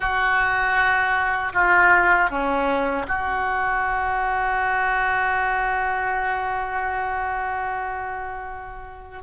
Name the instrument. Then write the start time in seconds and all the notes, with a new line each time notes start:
oboe
0.00 F#4
1.53 F4
2.30 C#4
3.07 F#4